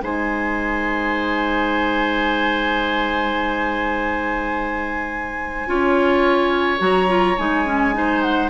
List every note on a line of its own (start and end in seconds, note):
0.00 5.67 G#3
0.00 5.66 D#4
0.00 5.68 C5
0.00 6.81 G#5
5.67 6.80 C#4
5.67 6.78 F4
5.67 7.95 C#5
6.78 7.36 F#3
6.78 7.07 F#4
6.78 7.37 A#5
7.08 7.36 F4
7.37 8.50 G#3
7.37 7.65 D#4
7.37 8.21 G#5
7.65 7.93 C#4
7.93 8.50 D#4
7.93 8.50 C5
8.21 8.49 F#5